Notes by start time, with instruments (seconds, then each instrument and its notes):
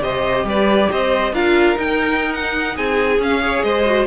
0.00 cello C3, viola G4, violin C5 D#5
0.44 cello G3, violin B4 D5
0.92 cello C4, violin C5 D#5
1.32 cello D4, viola F4, violin A#4 F5
1.76 viola D#4, cello D#4, violin G5
2.33 violin F#5
2.75 cello C4, violin G#4 G#5
3.19 cello C#4, viola C#4, violin F5
3.41 viola G#4, violin C#5
3.62 cello G#3, violin C5 D#5
3.85 viola F#4